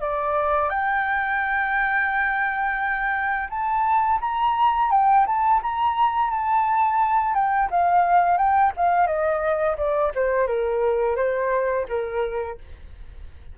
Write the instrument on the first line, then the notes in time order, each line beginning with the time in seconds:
flute
0.00 D5
0.69 G5
3.50 A5
4.21 A#5
4.91 G5
5.26 A5
5.63 A#5
6.30 A5
7.34 G5
7.71 F5
8.38 G5
8.77 F5
9.07 D#5
9.77 D5
10.15 C5
10.47 A#4
11.16 C5
11.89 A#4